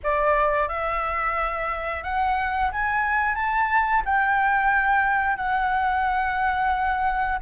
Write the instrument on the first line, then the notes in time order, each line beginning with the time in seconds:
flute
0.03 D5
0.68 E5
2.03 F#5
2.72 G#5
3.34 A5
4.05 G5
5.36 F#5